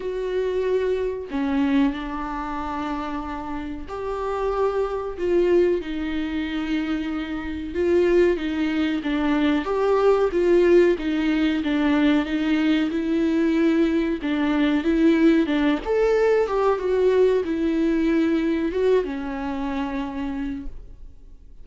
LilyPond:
\new Staff \with { instrumentName = "viola" } { \time 4/4 \tempo 4 = 93 fis'2 cis'4 d'4~ | d'2 g'2 | f'4 dis'2. | f'4 dis'4 d'4 g'4 |
f'4 dis'4 d'4 dis'4 | e'2 d'4 e'4 | d'8 a'4 g'8 fis'4 e'4~ | e'4 fis'8 cis'2~ cis'8 | }